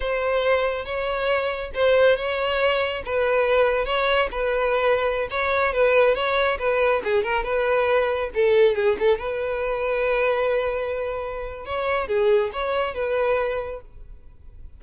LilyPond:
\new Staff \with { instrumentName = "violin" } { \time 4/4 \tempo 4 = 139 c''2 cis''2 | c''4 cis''2 b'4~ | b'4 cis''4 b'2~ | b'16 cis''4 b'4 cis''4 b'8.~ |
b'16 gis'8 ais'8 b'2 a'8.~ | a'16 gis'8 a'8 b'2~ b'8.~ | b'2. cis''4 | gis'4 cis''4 b'2 | }